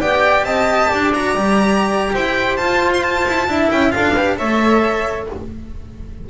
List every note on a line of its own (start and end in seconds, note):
0.00 0.43 B3
0.00 1.13 G4
0.00 0.45 D5
0.00 0.44 G5
0.43 0.88 C4
0.43 0.89 D#5
0.43 1.12 A5
0.89 1.35 D4
0.89 2.12 D5
1.14 1.36 F#4
1.14 2.14 A#5
1.35 2.14 G3
1.35 2.59 G4
2.14 2.58 E4
2.14 3.48 C5
2.14 2.57 G5
2.57 3.25 F4
2.57 3.48 F4
2.57 2.90 A5
2.94 3.03 C6
3.03 3.70 A5
3.27 3.48 E4
3.48 3.70 D4
3.48 3.90 E4
3.48 3.93 E5
3.70 3.94 C#4
3.70 3.92 G5
3.90 4.12 F4
3.90 4.14 A4
3.90 4.36 F5
3.96 4.40 D4
4.14 4.37 G4
4.14 4.36 B4
4.37 5.29 A3
4.37 5.26 A4
4.37 5.28 C#5
4.37 5.28 E5